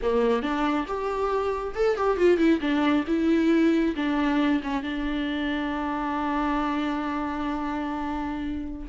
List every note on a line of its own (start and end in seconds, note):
0.02 0.42 A#3
0.42 0.86 D4
0.87 1.74 G4
1.75 1.96 A4
1.96 2.17 G4
2.17 2.37 F4
2.37 2.59 E4
2.60 3.04 D4
3.07 3.94 E4
3.96 4.61 D4
4.63 4.82 C#4
4.82 8.87 D4